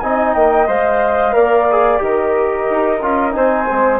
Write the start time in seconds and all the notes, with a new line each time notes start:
0.00 C4 D#4 D#5 G#5
0.34 A#3 G5
0.67 G#3 C5 F5
1.32 A#3 A#4 D5
1.71 G#4
1.98 D#3 G4 A#4 D#5
2.70 D#4
3.02 C#4 F4
3.32 C4 D#4 C5 G#5
3.69 G#3 C4